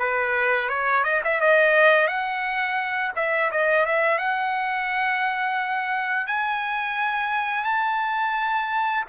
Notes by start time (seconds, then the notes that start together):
0.00 B4
0.69 C#5
1.05 D#5
1.25 E5
1.41 D#5
2.08 F#5
3.16 E5
3.52 D#5
3.86 E5
4.19 F#5
6.28 G#5
7.65 A5